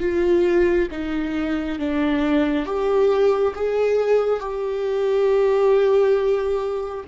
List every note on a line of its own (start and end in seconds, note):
0.00 0.88 F4
0.91 1.79 D#4
1.79 2.66 D4
2.66 3.54 G4
3.55 4.40 G#4
4.40 7.05 G4